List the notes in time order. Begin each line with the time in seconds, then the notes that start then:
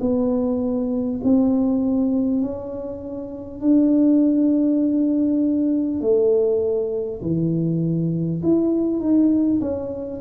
0.00 B3
1.23 C4
2.41 C#4
3.61 D4
6.00 A3
7.22 E3
8.42 E4
8.99 D#4
9.60 C#4